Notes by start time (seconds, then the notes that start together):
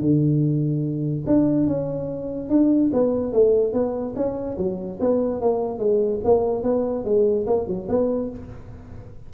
0.00 D3
1.26 D4
1.66 C#4
2.49 D4
2.93 B3
3.32 A3
3.73 B3
4.15 C#4
4.57 F#3
5.00 B3
5.40 A#3
5.78 G#3
6.24 A#3
6.63 B3
7.04 G#3
7.46 A#3
7.67 F#3
7.88 B3